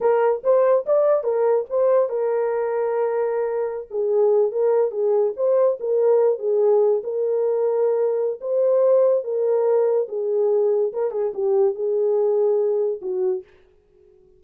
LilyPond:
\new Staff \with { instrumentName = "horn" } { \time 4/4 \tempo 4 = 143 ais'4 c''4 d''4 ais'4 | c''4 ais'2.~ | ais'4~ ais'16 gis'4. ais'4 gis'16~ | gis'8. c''4 ais'4. gis'8.~ |
gis'8. ais'2.~ ais'16 | c''2 ais'2 | gis'2 ais'8 gis'8 g'4 | gis'2. fis'4 | }